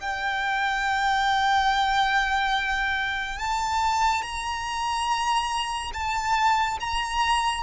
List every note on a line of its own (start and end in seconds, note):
0.00 3.38 G5
3.38 4.22 A5
4.22 5.91 A#5
5.93 6.78 A5
6.80 7.63 A#5